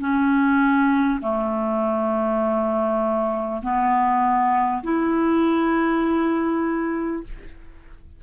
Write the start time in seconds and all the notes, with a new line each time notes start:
0.00 C#4
1.22 A3
3.63 B3
4.83 E4